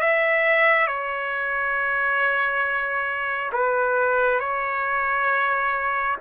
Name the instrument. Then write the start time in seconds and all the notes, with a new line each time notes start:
trumpet
0.00 E5
0.87 C#5
3.53 B4
4.40 C#5